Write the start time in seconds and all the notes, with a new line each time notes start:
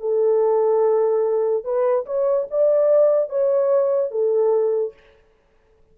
0.00 A4
1.64 B4
2.05 C#5
2.50 D5
3.29 C#5
4.11 A4